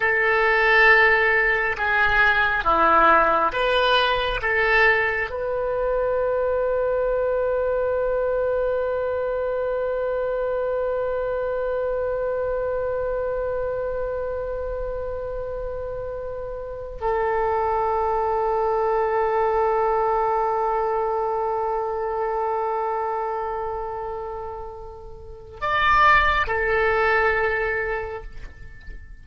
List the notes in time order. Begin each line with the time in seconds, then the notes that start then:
0.00 A4
1.77 G#4
2.64 E4
3.52 B4
4.42 A4
5.29 B4
17.01 A4
25.60 D5
26.46 A4